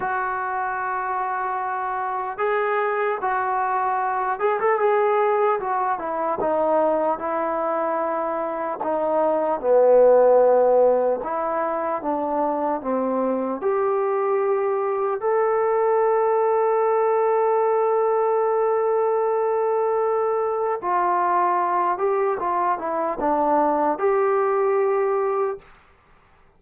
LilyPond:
\new Staff \with { instrumentName = "trombone" } { \time 4/4 \tempo 4 = 75 fis'2. gis'4 | fis'4. gis'16 a'16 gis'4 fis'8 e'8 | dis'4 e'2 dis'4 | b2 e'4 d'4 |
c'4 g'2 a'4~ | a'1~ | a'2 f'4. g'8 | f'8 e'8 d'4 g'2 | }